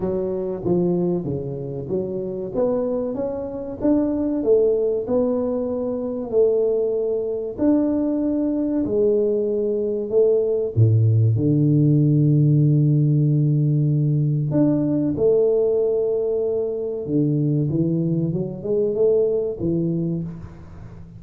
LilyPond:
\new Staff \with { instrumentName = "tuba" } { \time 4/4 \tempo 4 = 95 fis4 f4 cis4 fis4 | b4 cis'4 d'4 a4 | b2 a2 | d'2 gis2 |
a4 a,4 d2~ | d2. d'4 | a2. d4 | e4 fis8 gis8 a4 e4 | }